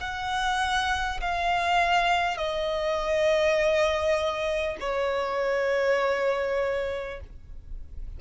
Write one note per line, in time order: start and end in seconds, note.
0.00 1.20 F#5
1.21 2.37 F5
2.37 4.77 D#5
4.80 7.20 C#5